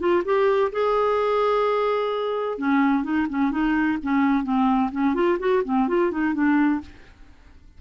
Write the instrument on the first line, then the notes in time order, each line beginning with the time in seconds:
clarinet
0.00 F4
0.25 G4
0.72 G#4
2.58 C#4
3.04 D#4
3.30 C#4
3.52 D#4
4.03 C#4
4.44 C4
4.92 C#4
5.15 F4
5.40 F#4
5.65 C4
5.88 F4
6.12 D#4
6.35 D4